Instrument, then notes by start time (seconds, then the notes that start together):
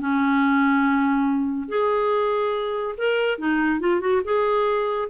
clarinet
0.00 C#4
1.69 G#4
2.98 A#4
3.38 D#4
3.80 F4
4.00 F#4
4.24 G#4